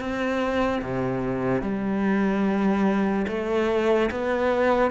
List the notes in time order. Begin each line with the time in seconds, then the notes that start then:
0.00 C4
0.82 C3
1.62 G3
3.28 A3
4.11 B3